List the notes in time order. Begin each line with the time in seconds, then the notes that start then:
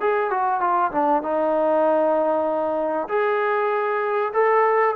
0.00 G#4
0.30 F#4
0.60 F4
0.91 D4
1.22 D#4
3.08 G#4
4.33 A4